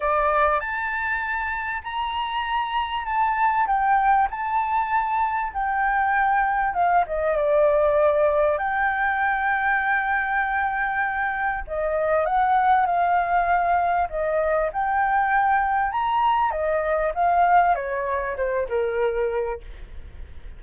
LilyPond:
\new Staff \with { instrumentName = "flute" } { \time 4/4 \tempo 4 = 98 d''4 a''2 ais''4~ | ais''4 a''4 g''4 a''4~ | a''4 g''2 f''8 dis''8 | d''2 g''2~ |
g''2. dis''4 | fis''4 f''2 dis''4 | g''2 ais''4 dis''4 | f''4 cis''4 c''8 ais'4. | }